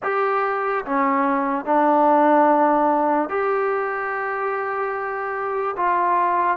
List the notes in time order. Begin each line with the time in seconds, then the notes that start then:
0.02 G4
0.85 C#4
1.65 D4
3.29 G4
5.76 F4